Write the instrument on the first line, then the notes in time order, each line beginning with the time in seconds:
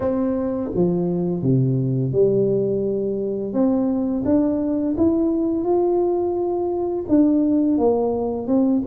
tuba
0.00 C4
0.75 F3
1.42 C3
2.12 G3
3.53 C4
4.25 D4
4.97 E4
5.63 F4
7.08 D4
7.78 A#3
8.47 C4